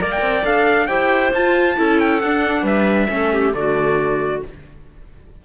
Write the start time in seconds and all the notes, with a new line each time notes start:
0.00 A#3 A#4 D5
0.11 G5
0.21 C4
0.43 D4 A4 F5
0.87 E4 G4 C5 G5
1.33 F4 A5
1.76 C#4 E4 A4
1.99 G5
2.20 D4 F#5
2.62 G3 B4 E5
3.09 A3 C#4 A4
3.32 G4
3.52 D3 A3 F#4 D5